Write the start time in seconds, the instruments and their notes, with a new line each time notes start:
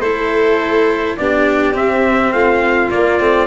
0.00 tuba A3, cello E4, violin A4, trumpet C5
1.17 tuba B3, cello D4, violin G4, trumpet D5
1.73 cello C4, tuba C4, trumpet E5
2.32 tuba A3, violin F4, trumpet F5
2.91 cello A#3, tuba A#3, trumpet D5
3.19 tuba A3, cello C4